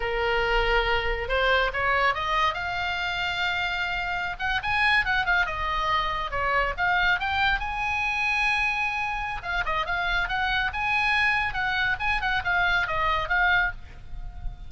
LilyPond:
\new Staff \with { instrumentName = "oboe" } { \time 4/4 \tempo 4 = 140 ais'2. c''4 | cis''4 dis''4 f''2~ | f''2~ f''16 fis''8 gis''4 fis''16~ | fis''16 f''8 dis''2 cis''4 f''16~ |
f''8. g''4 gis''2~ gis''16~ | gis''2 f''8 dis''8 f''4 | fis''4 gis''2 fis''4 | gis''8 fis''8 f''4 dis''4 f''4 | }